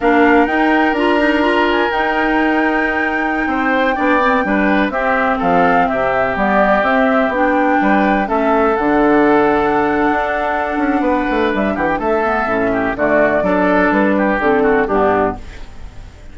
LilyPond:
<<
  \new Staff \with { instrumentName = "flute" } { \time 4/4 \tempo 4 = 125 f''4 g''4 ais''4. gis''8 | g''1~ | g''2~ g''16 e''4 f''8.~ | f''16 e''4 d''4 e''4 g''8.~ |
g''4~ g''16 e''4 fis''4.~ fis''16~ | fis''1 | e''8 fis''16 g''16 e''2 d''4~ | d''4 b'4 a'4 g'4 | }
  \new Staff \with { instrumentName = "oboe" } { \time 4/4 ais'1~ | ais'2.~ ais'16 c''8.~ | c''16 d''4 b'4 g'4 a'8.~ | a'16 g'2.~ g'8.~ |
g'16 b'4 a'2~ a'8.~ | a'2. b'4~ | b'8 g'8 a'4. g'8 fis'4 | a'4. g'4 fis'8 d'4 | }
  \new Staff \with { instrumentName = "clarinet" } { \time 4/4 d'4 dis'4 f'8 dis'8 f'4 | dis'1~ | dis'16 d'8 c'8 d'4 c'4.~ c'16~ | c'4~ c'16 b4 c'4 d'8.~ |
d'4~ d'16 cis'4 d'4.~ d'16~ | d'1~ | d'4. b8 cis'4 a4 | d'2 c'4 b4 | }
  \new Staff \with { instrumentName = "bassoon" } { \time 4/4 ais4 dis'4 d'2 | dis'2.~ dis'16 c'8.~ | c'16 b4 g4 c'4 f8.~ | f16 c4 g4 c'4 b8.~ |
b16 g4 a4 d4.~ d16~ | d4 d'4. cis'8 b8 a8 | g8 e8 a4 a,4 d4 | fis4 g4 d4 g,4 | }
>>